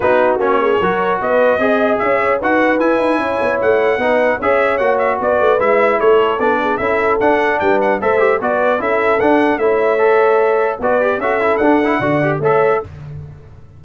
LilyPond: <<
  \new Staff \with { instrumentName = "trumpet" } { \time 4/4 \tempo 4 = 150 b'4 cis''2 dis''4~ | dis''4 e''4 fis''4 gis''4~ | gis''4 fis''2 e''4 | fis''8 e''8 d''4 e''4 cis''4 |
d''4 e''4 fis''4 g''8 fis''8 | e''4 d''4 e''4 fis''4 | e''2. d''4 | e''4 fis''2 e''4 | }
  \new Staff \with { instrumentName = "horn" } { \time 4/4 fis'4. gis'8 ais'4 b'4 | dis''4 cis''4 b'2 | cis''2 b'4 cis''4~ | cis''4 b'2 a'4~ |
a'8 gis'8 a'2 b'4 | c''4 b'4 a'2 | cis''2. b'4 | a'2 d''4 cis''4 | }
  \new Staff \with { instrumentName = "trombone" } { \time 4/4 dis'4 cis'4 fis'2 | gis'2 fis'4 e'4~ | e'2 dis'4 gis'4 | fis'2 e'2 |
d'4 e'4 d'2 | a'8 g'8 fis'4 e'4 d'4 | e'4 a'2 fis'8 g'8 | fis'8 e'8 d'8 e'8 fis'8 g'8 a'4 | }
  \new Staff \with { instrumentName = "tuba" } { \time 4/4 b4 ais4 fis4 b4 | c'4 cis'4 dis'4 e'8 dis'8 | cis'8 b8 a4 b4 cis'4 | ais4 b8 a8 gis4 a4 |
b4 cis'4 d'4 g4 | a4 b4 cis'4 d'4 | a2. b4 | cis'4 d'4 d4 a4 | }
>>